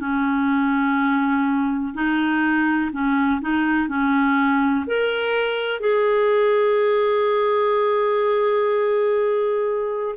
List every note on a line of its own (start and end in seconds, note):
0.00 1.94 C#4
1.94 2.91 D#4
2.92 3.40 C#4
3.41 3.88 D#4
3.88 4.85 C#4
4.87 5.80 A#4
5.80 10.15 G#4